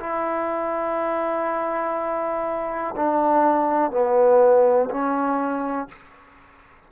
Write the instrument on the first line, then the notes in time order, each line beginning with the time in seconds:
trombone
0.00 E4
2.96 D4
3.92 B3
4.90 C#4